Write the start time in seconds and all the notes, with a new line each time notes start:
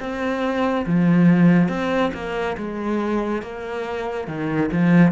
0.00 C4
0.86 F3
1.69 C4
2.14 A#3
2.58 G#3
3.42 A#3
4.28 D#3
4.72 F3